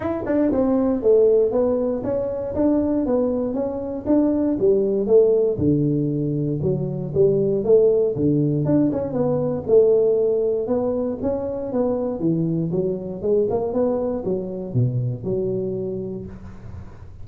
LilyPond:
\new Staff \with { instrumentName = "tuba" } { \time 4/4 \tempo 4 = 118 e'8 d'8 c'4 a4 b4 | cis'4 d'4 b4 cis'4 | d'4 g4 a4 d4~ | d4 fis4 g4 a4 |
d4 d'8 cis'8 b4 a4~ | a4 b4 cis'4 b4 | e4 fis4 gis8 ais8 b4 | fis4 b,4 fis2 | }